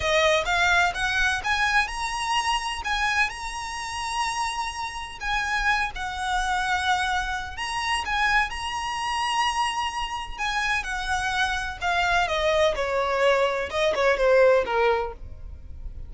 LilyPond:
\new Staff \with { instrumentName = "violin" } { \time 4/4 \tempo 4 = 127 dis''4 f''4 fis''4 gis''4 | ais''2 gis''4 ais''4~ | ais''2. gis''4~ | gis''8 fis''2.~ fis''8 |
ais''4 gis''4 ais''2~ | ais''2 gis''4 fis''4~ | fis''4 f''4 dis''4 cis''4~ | cis''4 dis''8 cis''8 c''4 ais'4 | }